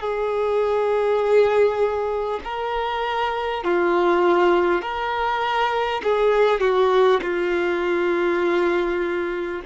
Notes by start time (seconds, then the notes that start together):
0.00 G#4
2.44 A#4
3.64 F4
4.81 A#4
6.03 G#4
6.60 F#4
7.22 F4